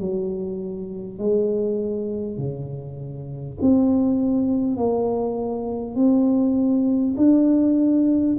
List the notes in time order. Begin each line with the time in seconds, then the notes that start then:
0.00 F#3
1.19 G#3
2.38 C#3
3.62 C4
4.77 A#3
5.96 C4
7.17 D4